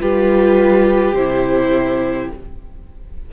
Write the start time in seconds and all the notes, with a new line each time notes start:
0.00 G3 F4 G4 B4
1.14 C3 E4 C5